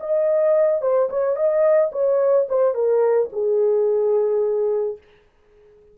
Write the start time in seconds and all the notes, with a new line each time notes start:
0.00 D#5
0.82 C5
1.09 C#5
1.36 D#5
1.92 C#5
2.49 C5
2.74 A#4
3.32 G#4